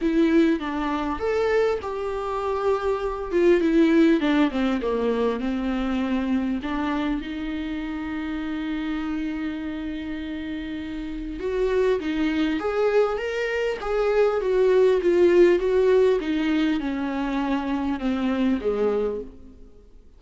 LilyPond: \new Staff \with { instrumentName = "viola" } { \time 4/4 \tempo 4 = 100 e'4 d'4 a'4 g'4~ | g'4. f'8 e'4 d'8 c'8 | ais4 c'2 d'4 | dis'1~ |
dis'2. fis'4 | dis'4 gis'4 ais'4 gis'4 | fis'4 f'4 fis'4 dis'4 | cis'2 c'4 gis4 | }